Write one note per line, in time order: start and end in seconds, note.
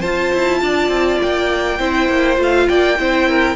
0.00 1.78 F4
0.00 0.33 F4
0.00 0.59 C5
0.00 1.18 A5
0.33 0.62 E4
0.62 0.88 D4
0.62 1.79 D5
0.88 1.17 C4
1.22 1.79 A#3
1.22 2.39 G5
1.79 2.08 C4
1.79 2.36 E4
1.79 2.67 C5
2.08 2.37 A#3
2.36 2.67 A3
2.36 2.95 F4
2.42 2.68 F5
2.68 2.99 A#3
2.68 2.98 D5
2.68 3.55 G5
2.97 3.55 C4
2.97 3.55 E4
2.97 3.28 C5
3.28 3.55 A#4